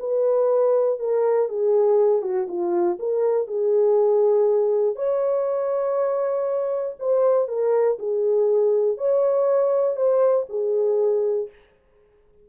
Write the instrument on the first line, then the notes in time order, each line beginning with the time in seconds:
horn
0.00 B4
1.00 A#4
1.49 G#4
2.23 F#4
2.49 F4
3.00 A#4
3.48 G#4
4.96 C#5
7.00 C5
7.48 A#4
7.99 G#4
8.98 C#5
9.97 C5
10.50 G#4